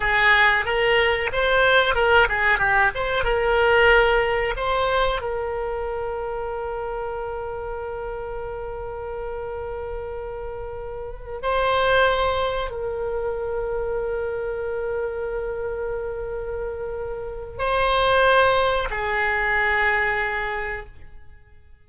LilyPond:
\new Staff \with { instrumentName = "oboe" } { \time 4/4 \tempo 4 = 92 gis'4 ais'4 c''4 ais'8 gis'8 | g'8 c''8 ais'2 c''4 | ais'1~ | ais'1~ |
ais'4. c''2 ais'8~ | ais'1~ | ais'2. c''4~ | c''4 gis'2. | }